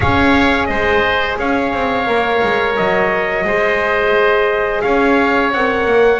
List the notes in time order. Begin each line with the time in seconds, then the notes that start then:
0.00 C#4 G#4 C#5 F5
0.66 G#3 C5 D#5
1.38 C#4 C#5 F5
1.72 C4
2.06 A#3 A#4
2.43 G#3
2.76 F#3 D#5
3.44 G#3 G#4 C5
4.81 C#4 C#5 F5
5.52 C4 A#4 F#5
5.85 A#3